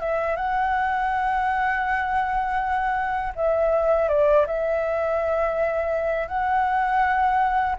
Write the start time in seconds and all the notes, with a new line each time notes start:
0.00 E5
0.36 F#5
3.36 E5
4.08 D5
4.47 E5
6.28 F#5